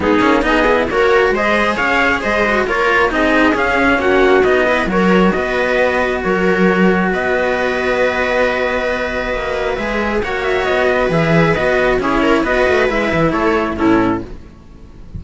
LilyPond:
<<
  \new Staff \with { instrumentName = "trumpet" } { \time 4/4 \tempo 4 = 135 gis'4 dis''4 cis''4 dis''4 | f''4 dis''4 cis''4 dis''4 | f''4 fis''4 dis''4 cis''4 | dis''2 cis''2 |
dis''1~ | dis''2 e''4 fis''8 e''8 | dis''4 e''4 dis''4 cis''4 | dis''4 e''4 cis''4 a'4 | }
  \new Staff \with { instrumentName = "viola" } { \time 4/4 dis'4 gis'4 ais'4 c''4 | cis''4 c''4 ais'4 gis'4~ | gis'4 fis'4. b'8 ais'4 | b'2 ais'2 |
b'1~ | b'2. cis''4~ | cis''8 b'2~ b'8 gis'8 ais'8 | b'2 a'4 e'4 | }
  \new Staff \with { instrumentName = "cello" } { \time 4/4 b8 cis'8 dis'8 e'8 fis'4 gis'4~ | gis'4. fis'8 f'4 dis'4 | cis'2 dis'8 e'8 fis'4~ | fis'1~ |
fis'1~ | fis'2 gis'4 fis'4~ | fis'4 gis'4 fis'4 e'4 | fis'4 e'2 cis'4 | }
  \new Staff \with { instrumentName = "cello" } { \time 4/4 gis8 ais8 b4 ais4 gis4 | cis'4 gis4 ais4 c'4 | cis'4 ais4 b4 fis4 | b2 fis2 |
b1~ | b4 ais4 gis4 ais4 | b4 e4 b4 cis'4 | b8 a8 gis8 e8 a4 a,4 | }
>>